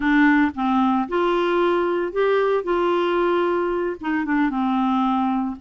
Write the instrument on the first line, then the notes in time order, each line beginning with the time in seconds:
clarinet
0.00 D4
0.54 C4
1.08 F4
2.12 G4
2.63 F4
4.00 D#4
4.25 D4
4.49 C4